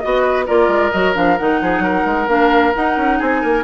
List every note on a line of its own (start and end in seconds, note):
0.00 0.48 B3
0.00 0.47 F#4
0.00 0.45 D#5
0.00 0.22 D#5
0.22 0.45 B4
0.46 0.68 A#3
0.46 0.92 F4
0.46 1.60 A#4
0.46 0.91 D5
0.68 0.91 G#3
0.91 1.16 F#3
0.91 1.14 F#4
0.91 1.14 D#5
1.14 1.39 F3
1.14 1.36 D4
1.14 1.38 F5
1.38 1.61 D#3
1.38 2.28 D#4
1.38 2.29 F#5
1.61 1.79 F3
1.61 1.84 G#4
1.79 2.02 F#3
1.79 3.19 A#4
2.06 2.27 G#3
2.27 2.73 A#3
2.27 2.74 D4
2.27 2.74 F5
2.75 3.64 D#4
2.75 2.97 D#4
2.75 3.20 F#5
2.97 3.20 C#4
3.19 3.44 C4
3.19 3.41 G#4
3.19 3.64 G#5
3.41 3.64 A#3
3.41 3.64 A#4